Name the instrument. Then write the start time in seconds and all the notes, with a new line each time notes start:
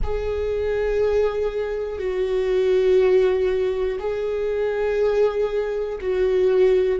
viola
0.03 G#4
1.99 F#4
3.99 G#4
6.00 F#4